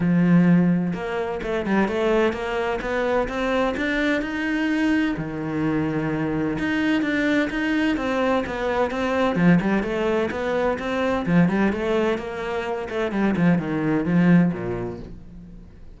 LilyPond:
\new Staff \with { instrumentName = "cello" } { \time 4/4 \tempo 4 = 128 f2 ais4 a8 g8 | a4 ais4 b4 c'4 | d'4 dis'2 dis4~ | dis2 dis'4 d'4 |
dis'4 c'4 b4 c'4 | f8 g8 a4 b4 c'4 | f8 g8 a4 ais4. a8 | g8 f8 dis4 f4 ais,4 | }